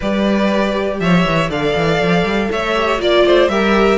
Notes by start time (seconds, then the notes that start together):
0.00 G3 G4 B4 D5
1.00 F3 C#5 E5
1.26 E3
1.49 D3 A4 D5 F5
1.76 E3
2.01 F3
2.23 G3
2.51 A3 C#5 E5
2.74 G4
2.98 A#3 F4 D5
3.25 A3 C5
3.48 G3 G4 A#4 E5